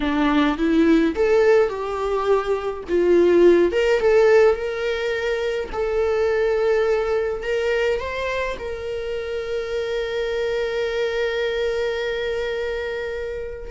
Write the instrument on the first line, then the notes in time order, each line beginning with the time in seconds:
viola
0.00 D4
0.57 E4
1.15 A4
1.69 G4
2.88 F4
3.72 A#4
4.00 A4
4.55 A#4
5.72 A4
7.43 A#4
8.00 C5
8.59 A#4